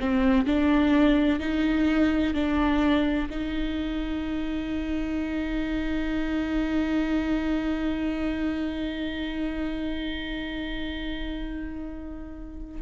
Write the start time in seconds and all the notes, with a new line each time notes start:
0.00 C4
0.46 D4
1.40 D#4
2.35 D4
3.31 D#4